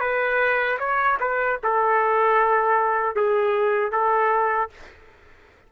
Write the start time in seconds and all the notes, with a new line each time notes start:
0.00 B4
0.79 C#5
1.20 B4
1.63 A4
3.16 G#4
3.91 A4